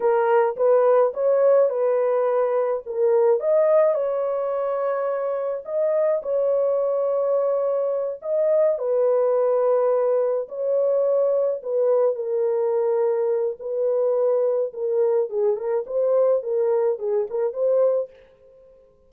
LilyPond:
\new Staff \with { instrumentName = "horn" } { \time 4/4 \tempo 4 = 106 ais'4 b'4 cis''4 b'4~ | b'4 ais'4 dis''4 cis''4~ | cis''2 dis''4 cis''4~ | cis''2~ cis''8 dis''4 b'8~ |
b'2~ b'8 cis''4.~ | cis''8 b'4 ais'2~ ais'8 | b'2 ais'4 gis'8 ais'8 | c''4 ais'4 gis'8 ais'8 c''4 | }